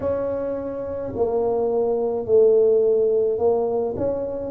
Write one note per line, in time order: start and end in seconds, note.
0.00 1.13 C#4
1.15 2.25 A#3
2.25 3.38 A3
3.38 3.95 A#3
3.96 4.51 C#4